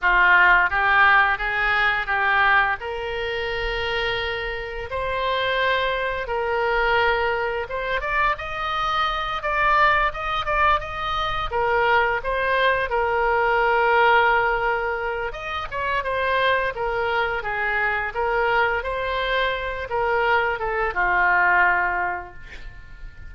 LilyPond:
\new Staff \with { instrumentName = "oboe" } { \time 4/4 \tempo 4 = 86 f'4 g'4 gis'4 g'4 | ais'2. c''4~ | c''4 ais'2 c''8 d''8 | dis''4. d''4 dis''8 d''8 dis''8~ |
dis''8 ais'4 c''4 ais'4.~ | ais'2 dis''8 cis''8 c''4 | ais'4 gis'4 ais'4 c''4~ | c''8 ais'4 a'8 f'2 | }